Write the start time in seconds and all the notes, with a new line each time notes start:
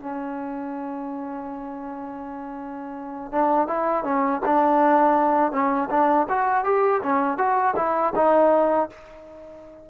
0.00 C#4
3.32 D4
3.67 E4
4.04 C#4
4.45 D4
5.52 C#4
5.90 D4
6.29 F#4
6.64 G4
7.02 C#4
7.37 F#4
7.76 E4
8.15 D#4